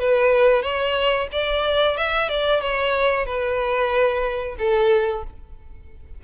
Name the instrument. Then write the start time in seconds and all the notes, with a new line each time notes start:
violin
0.00 B4
0.63 C#5
1.32 D5
1.97 E5
2.29 D5
2.61 C#5
3.26 B4
4.59 A4